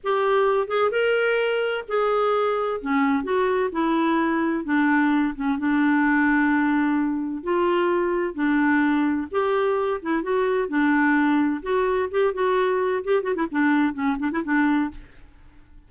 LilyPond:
\new Staff \with { instrumentName = "clarinet" } { \time 4/4 \tempo 4 = 129 g'4. gis'8 ais'2 | gis'2 cis'4 fis'4 | e'2 d'4. cis'8 | d'1 |
f'2 d'2 | g'4. e'8 fis'4 d'4~ | d'4 fis'4 g'8 fis'4. | g'8 fis'16 e'16 d'4 cis'8 d'16 e'16 d'4 | }